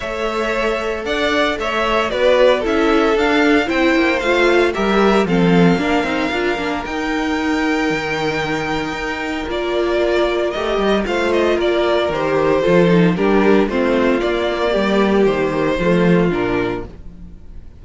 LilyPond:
<<
  \new Staff \with { instrumentName = "violin" } { \time 4/4 \tempo 4 = 114 e''2 fis''4 e''4 | d''4 e''4 f''4 g''4 | f''4 e''4 f''2~ | f''4 g''2.~ |
g''2 d''2 | dis''4 f''8 dis''8 d''4 c''4~ | c''4 ais'4 c''4 d''4~ | d''4 c''2 ais'4 | }
  \new Staff \with { instrumentName = "violin" } { \time 4/4 cis''2 d''4 cis''4 | b'4 a'2 c''4~ | c''4 ais'4 a'4 ais'4~ | ais'1~ |
ais'1~ | ais'4 c''4 ais'2 | a'4 g'4 f'2 | g'2 f'2 | }
  \new Staff \with { instrumentName = "viola" } { \time 4/4 a'1 | fis'4 e'4 d'4 e'4 | f'4 g'4 c'4 d'8 dis'8 | f'8 d'8 dis'2.~ |
dis'2 f'2 | g'4 f'2 g'4 | f'8 dis'8 d'4 c'4 ais4~ | ais2 a4 d'4 | }
  \new Staff \with { instrumentName = "cello" } { \time 4/4 a2 d'4 a4 | b4 cis'4 d'4 c'8 ais8 | a4 g4 f4 ais8 c'8 | d'8 ais8 dis'2 dis4~ |
dis4 dis'4 ais2 | a8 g8 a4 ais4 dis4 | f4 g4 a4 ais4 | g4 dis4 f4 ais,4 | }
>>